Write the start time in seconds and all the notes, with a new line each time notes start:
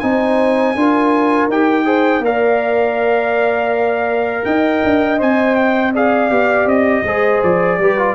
0.00 C4 D#4 C5 G#5
0.76 D4 F4 A#4
1.48 D#4 G4 G5
1.85 G#4 C5
2.20 A#3 A#4 D5 F5
4.45 D#4 D#5 G5
4.84 D4
5.19 C4 C5 G#5
5.56 G5
5.94 G#4 D5 F5
6.30 B3 G4
6.66 C4 D#5
7.04 G#3 G#4 C5
7.44 F3 D5
7.79 G3 G4 B4
7.99 F4